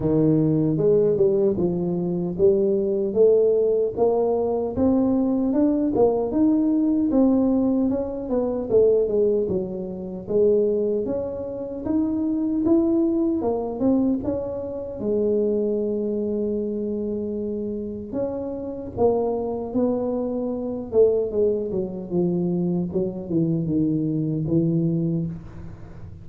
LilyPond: \new Staff \with { instrumentName = "tuba" } { \time 4/4 \tempo 4 = 76 dis4 gis8 g8 f4 g4 | a4 ais4 c'4 d'8 ais8 | dis'4 c'4 cis'8 b8 a8 gis8 | fis4 gis4 cis'4 dis'4 |
e'4 ais8 c'8 cis'4 gis4~ | gis2. cis'4 | ais4 b4. a8 gis8 fis8 | f4 fis8 e8 dis4 e4 | }